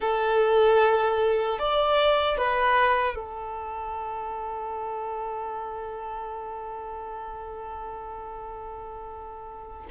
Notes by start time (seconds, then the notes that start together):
0.00 A4
1.58 D5
2.37 B4
3.15 A4